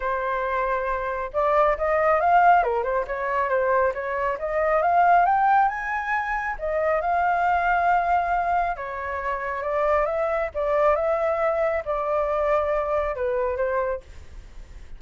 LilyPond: \new Staff \with { instrumentName = "flute" } { \time 4/4 \tempo 4 = 137 c''2. d''4 | dis''4 f''4 ais'8 c''8 cis''4 | c''4 cis''4 dis''4 f''4 | g''4 gis''2 dis''4 |
f''1 | cis''2 d''4 e''4 | d''4 e''2 d''4~ | d''2 b'4 c''4 | }